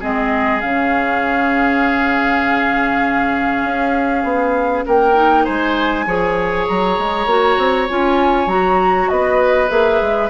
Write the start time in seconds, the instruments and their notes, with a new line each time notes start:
0.00 bassoon G#3, clarinet C4, oboe G#4, flute D#5
0.61 bassoon C#3, clarinet C#4, flute F5
3.65 bassoon C#4
4.24 bassoon B3
4.86 bassoon A#3, oboe A#4, flute G5
5.15 clarinet D#4
5.45 bassoon G#3, oboe C5, flute G#5
6.06 bassoon F3, clarinet G#4, oboe C#5
6.68 bassoon F#3, flute A#5
6.99 bassoon G#3
7.26 bassoon A#3, clarinet F#4
7.58 bassoon C4
7.89 bassoon C#4, clarinet F4, flute G#5
8.47 bassoon F#3, clarinet F#4, flute A#5
9.09 bassoon B3, oboe B4, flute D#5
9.68 bassoon A#3, clarinet G#4, flute E5
10.01 bassoon G#3